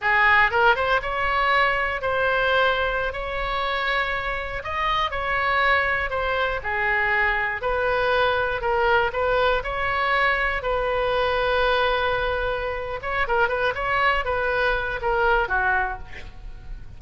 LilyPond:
\new Staff \with { instrumentName = "oboe" } { \time 4/4 \tempo 4 = 120 gis'4 ais'8 c''8 cis''2 | c''2~ c''16 cis''4.~ cis''16~ | cis''4~ cis''16 dis''4 cis''4.~ cis''16~ | cis''16 c''4 gis'2 b'8.~ |
b'4~ b'16 ais'4 b'4 cis''8.~ | cis''4~ cis''16 b'2~ b'8.~ | b'2 cis''8 ais'8 b'8 cis''8~ | cis''8 b'4. ais'4 fis'4 | }